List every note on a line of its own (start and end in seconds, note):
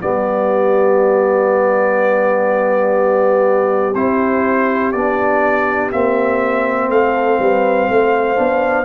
0.00 3.94 G3
0.00 3.93 B3
0.00 6.90 G4
0.00 3.94 D5
3.94 4.93 C4
3.94 4.94 E4
3.94 4.92 C5
4.92 5.91 B3
4.92 5.91 D4
4.92 5.90 D5
5.91 6.89 A#3
5.91 8.36 C4
5.91 6.90 E5
6.89 7.38 A3
6.89 7.40 A4
6.89 8.84 F5
7.39 7.88 G3
7.39 7.89 B4
7.89 8.38 A3
7.89 8.84 C5
8.36 8.84 B3
8.36 8.84 D4